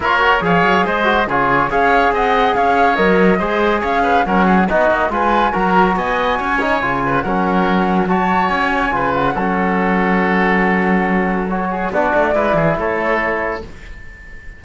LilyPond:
<<
  \new Staff \with { instrumentName = "flute" } { \time 4/4 \tempo 4 = 141 cis''4 f''4 dis''4 cis''4 | f''4 fis''4 f''4 dis''4~ | dis''4 f''4 fis''4 dis''4 | gis''4 ais''4 gis''2~ |
gis''4 fis''2 a''4 | gis''4. fis''2~ fis''8~ | fis''2. cis''4 | d''2 cis''2 | }
  \new Staff \with { instrumentName = "oboe" } { \time 4/4 ais'4 cis''4 c''4 gis'4 | cis''4 dis''4 cis''2 | c''4 cis''8 b'8 ais'8 gis'8 fis'4 | b'4 ais'4 dis''4 cis''4~ |
cis''8 b'8 ais'2 cis''4~ | cis''4 b'4 a'2~ | a'2.~ a'8 gis'8 | fis'4 b'8 gis'8 a'2 | }
  \new Staff \with { instrumentName = "trombone" } { \time 4/4 f'8 fis'8 gis'4. fis'8 f'4 | gis'2. ais'4 | gis'2 cis'4 dis'4 | f'4 fis'2~ fis'8 dis'8 |
f'4 cis'2 fis'4~ | fis'4 f'4 cis'2~ | cis'2. fis'4 | d'4 e'2. | }
  \new Staff \with { instrumentName = "cello" } { \time 4/4 ais4 f8 fis8 gis4 cis4 | cis'4 c'4 cis'4 fis4 | gis4 cis'4 fis4 b8 ais8 | gis4 fis4 b4 cis'4 |
cis4 fis2. | cis'4 cis4 fis2~ | fis1 | b8 a8 gis8 e8 a2 | }
>>